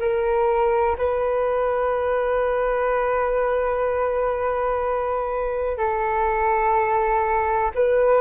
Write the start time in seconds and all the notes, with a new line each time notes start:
0.00 A#4
0.98 B4
5.78 A4
7.75 B4